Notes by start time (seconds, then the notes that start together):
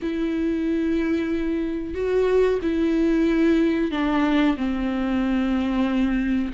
0.02 E4
1.94 F#4
2.61 E4
3.91 D4
4.57 C4